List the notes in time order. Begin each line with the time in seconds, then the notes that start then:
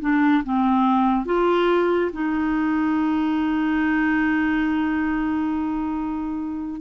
0.00 D4
0.44 C4
1.25 F4
2.12 D#4